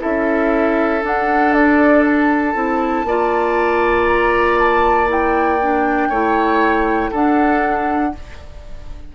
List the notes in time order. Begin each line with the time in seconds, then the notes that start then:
0.00 C#4 E4 A4 E5
1.02 D4 F#5
1.53 D5
2.05 A5
2.54 C4 E4
3.04 A#3 F4 D5
4.08 A#5
4.59 A5
5.08 E4 G5
5.61 D4
6.09 A3 E4 C#5
7.11 D4 A4 F#5